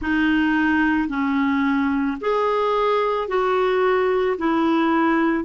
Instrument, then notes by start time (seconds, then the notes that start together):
clarinet
0.01 D#4
1.08 C#4
2.21 G#4
3.27 F#4
4.37 E4